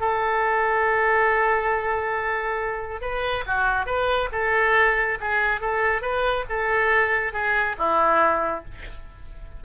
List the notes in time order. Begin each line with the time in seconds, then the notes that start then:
0.00 A4
3.01 B4
3.46 F#4
3.86 B4
4.32 A4
5.20 G#4
5.60 A4
6.01 B4
6.49 A4
7.33 G#4
7.78 E4